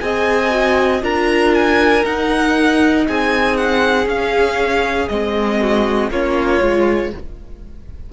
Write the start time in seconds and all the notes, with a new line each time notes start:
0.00 C4 G#4 D#5 G#5
0.51 F#4
1.01 D4 F4 A#4 A#5
1.54 G#5
2.03 D#4 F#5
3.06 C4 G#4 G#5
3.57 F#5
4.06 C#4 F5
5.08 G#3 C4 D#5
5.61 F#4
6.10 A#3 C#4 F4 C#5
6.61 G#3 F4